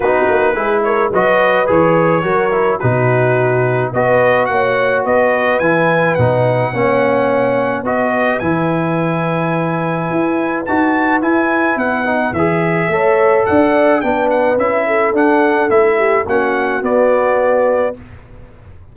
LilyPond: <<
  \new Staff \with { instrumentName = "trumpet" } { \time 4/4 \tempo 4 = 107 b'4. cis''8 dis''4 cis''4~ | cis''4 b'2 dis''4 | fis''4 dis''4 gis''4 fis''4~ | fis''2 dis''4 gis''4~ |
gis''2. a''4 | gis''4 fis''4 e''2 | fis''4 g''8 fis''8 e''4 fis''4 | e''4 fis''4 d''2 | }
  \new Staff \with { instrumentName = "horn" } { \time 4/4 fis'4 gis'8 ais'8 b'2 | ais'4 fis'2 b'4 | cis''4 b'2. | cis''2 b'2~ |
b'1~ | b'2. cis''4 | d''4 b'4. a'4.~ | a'8 g'8 fis'2. | }
  \new Staff \with { instrumentName = "trombone" } { \time 4/4 dis'4 e'4 fis'4 gis'4 | fis'8 e'8 dis'2 fis'4~ | fis'2 e'4 dis'4 | cis'2 fis'4 e'4~ |
e'2. fis'4 | e'4. dis'8 gis'4 a'4~ | a'4 d'4 e'4 d'4 | e'4 cis'4 b2 | }
  \new Staff \with { instrumentName = "tuba" } { \time 4/4 b8 ais8 gis4 fis4 e4 | fis4 b,2 b4 | ais4 b4 e4 b,4 | ais2 b4 e4~ |
e2 e'4 dis'4 | e'4 b4 e4 a4 | d'4 b4 cis'4 d'4 | a4 ais4 b2 | }
>>